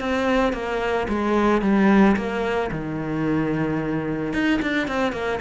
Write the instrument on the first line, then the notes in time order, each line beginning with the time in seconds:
cello
0.00 C4
0.53 A#3
1.08 G#3
1.62 G3
2.17 A#3
2.71 D#3
4.33 D#4
4.62 D4
4.87 C4
5.13 A#3